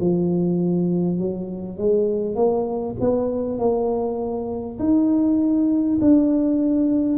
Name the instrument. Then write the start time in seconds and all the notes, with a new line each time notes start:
tuba
0.00 F3
1.18 F#3
1.78 G#3
2.36 A#3
3.01 B3
3.59 A#3
4.79 D#4
6.01 D4